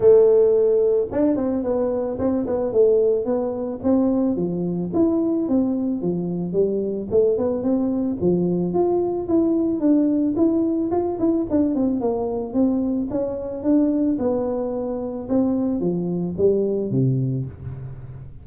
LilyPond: \new Staff \with { instrumentName = "tuba" } { \time 4/4 \tempo 4 = 110 a2 d'8 c'8 b4 | c'8 b8 a4 b4 c'4 | f4 e'4 c'4 f4 | g4 a8 b8 c'4 f4 |
f'4 e'4 d'4 e'4 | f'8 e'8 d'8 c'8 ais4 c'4 | cis'4 d'4 b2 | c'4 f4 g4 c4 | }